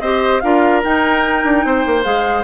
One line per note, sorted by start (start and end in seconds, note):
0.00 0.41 C4
0.00 0.43 G4
0.00 0.42 C5
0.00 0.41 D#5
0.41 0.84 D4
0.41 0.83 F4
0.41 1.66 A#4
0.41 0.81 F5
0.83 2.03 D#4
0.83 1.44 D#4
0.83 2.03 G5
1.44 1.64 D4
1.64 1.85 C4
1.64 2.44 C5
1.86 2.05 A#3
2.03 2.44 G#3
2.03 2.44 G#4
2.03 2.44 F5